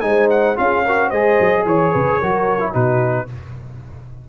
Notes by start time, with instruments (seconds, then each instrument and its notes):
0.00 tuba G#3, trombone D#4, horn C5, trumpet G#5
0.30 trumpet F#5
0.55 tuba C#4, trombone F4, horn G#4, trumpet F5
0.84 trombone F#4, horn A#4
1.08 tuba G#3, trombone G#4, horn C5, trumpet D#5
1.40 tuba F#3
1.65 tuba E3, horn C#5, trumpet C#5
1.92 tuba C#3, horn B4
2.19 tuba F#3, trombone F#4, horn A#4
2.59 trombone E4
2.71 tuba B2, trombone D#4, horn F#4, trumpet B4